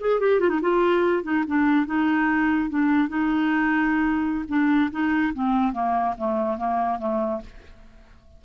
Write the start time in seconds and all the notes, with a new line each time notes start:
0.00 G#4
0.19 G4
0.40 F4
0.49 D#4
0.61 F4
1.23 D#4
1.47 D4
1.86 D#4
2.69 D4
3.08 D#4
4.48 D4
4.91 D#4
5.34 C4
5.73 A#3
6.17 A3
6.57 A#3
6.98 A3